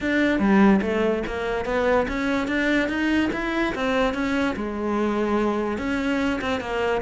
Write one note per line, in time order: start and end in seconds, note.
0.00 0.39 D4
0.39 0.80 G3
0.81 1.23 A3
1.26 1.65 A#3
1.65 2.06 B3
2.08 2.47 C#4
2.47 2.88 D4
2.88 3.30 D#4
3.33 3.74 E4
3.74 4.14 C4
4.14 4.55 C#4
4.56 5.77 G#3
5.77 6.39 C#4
6.41 6.60 C4
6.60 7.01 A#3